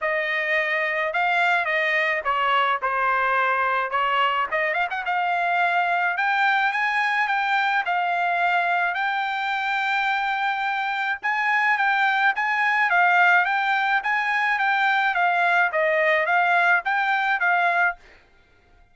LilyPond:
\new Staff \with { instrumentName = "trumpet" } { \time 4/4 \tempo 4 = 107 dis''2 f''4 dis''4 | cis''4 c''2 cis''4 | dis''8 f''16 fis''16 f''2 g''4 | gis''4 g''4 f''2 |
g''1 | gis''4 g''4 gis''4 f''4 | g''4 gis''4 g''4 f''4 | dis''4 f''4 g''4 f''4 | }